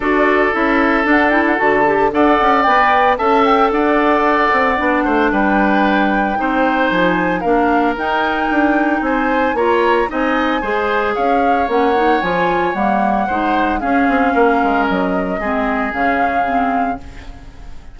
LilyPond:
<<
  \new Staff \with { instrumentName = "flute" } { \time 4/4 \tempo 4 = 113 d''4 e''4 fis''8 g''16 fis''16 a''4 | fis''4 g''4 a''8 g''8 fis''4~ | fis''2 g''2~ | g''4 gis''4 f''4 g''4~ |
g''4 gis''4 ais''4 gis''4~ | gis''4 f''4 fis''4 gis''4 | fis''2 f''2 | dis''2 f''2 | }
  \new Staff \with { instrumentName = "oboe" } { \time 4/4 a'1 | d''2 e''4 d''4~ | d''4. c''8 b'2 | c''2 ais'2~ |
ais'4 c''4 cis''4 dis''4 | c''4 cis''2.~ | cis''4 c''4 gis'4 ais'4~ | ais'4 gis'2. | }
  \new Staff \with { instrumentName = "clarinet" } { \time 4/4 fis'4 e'4 d'8 e'8 fis'8 g'8 | a'4 b'4 a'2~ | a'4 d'2. | dis'2 d'4 dis'4~ |
dis'2 f'4 dis'4 | gis'2 cis'8 dis'8 f'4 | ais4 dis'4 cis'2~ | cis'4 c'4 cis'4 c'4 | }
  \new Staff \with { instrumentName = "bassoon" } { \time 4/4 d'4 cis'4 d'4 d4 | d'8 cis'8 b4 cis'4 d'4~ | d'8 c'8 b8 a8 g2 | c'4 f4 ais4 dis'4 |
d'4 c'4 ais4 c'4 | gis4 cis'4 ais4 f4 | g4 gis4 cis'8 c'8 ais8 gis8 | fis4 gis4 cis2 | }
>>